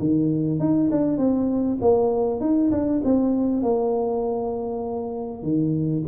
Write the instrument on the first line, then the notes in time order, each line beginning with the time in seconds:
tuba
0.00 D#3
0.60 D#4
0.92 D4
1.18 C4
1.82 A#3
2.41 D#4
2.72 D4
3.05 C4
3.63 A#3
5.43 D#3